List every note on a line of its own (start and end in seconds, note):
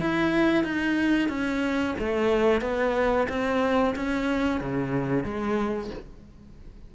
0.00 0.64 E4
0.64 1.29 D#4
1.29 1.95 C#4
1.98 2.61 A3
2.61 3.27 B3
3.28 3.94 C4
3.95 4.60 C#4
4.60 5.24 C#3
5.24 5.90 G#3